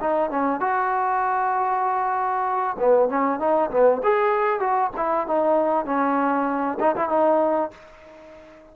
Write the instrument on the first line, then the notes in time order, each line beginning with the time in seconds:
trombone
0.00 D#4
0.30 C#4
0.60 F#4
2.79 B3
3.09 C#4
3.39 D#4
3.71 B3
4.03 G#4
4.60 F#4
4.97 E4
5.27 D#4
5.85 C#4
6.80 D#4
6.96 E4
7.09 D#4